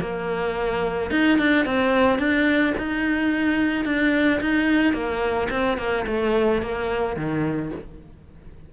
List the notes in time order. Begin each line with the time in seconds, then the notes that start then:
0.00 A#3
1.10 D#4
1.38 D4
1.65 C4
2.18 D4
2.77 D#4
3.85 D4
4.40 D#4
4.93 A#3
5.50 C4
5.78 A#3
6.07 A3
6.62 A#3
7.16 D#3